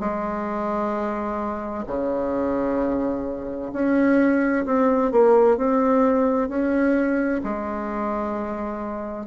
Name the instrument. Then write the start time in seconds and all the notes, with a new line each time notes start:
bassoon
0.00 G#3
1.87 C#3
3.73 C#4
4.66 C4
5.11 A#3
5.57 C4
6.49 C#4
7.44 G#3